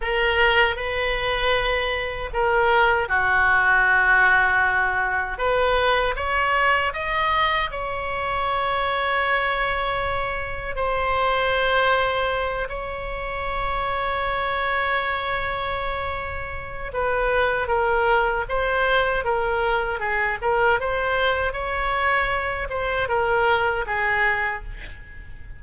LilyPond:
\new Staff \with { instrumentName = "oboe" } { \time 4/4 \tempo 4 = 78 ais'4 b'2 ais'4 | fis'2. b'4 | cis''4 dis''4 cis''2~ | cis''2 c''2~ |
c''8 cis''2.~ cis''8~ | cis''2 b'4 ais'4 | c''4 ais'4 gis'8 ais'8 c''4 | cis''4. c''8 ais'4 gis'4 | }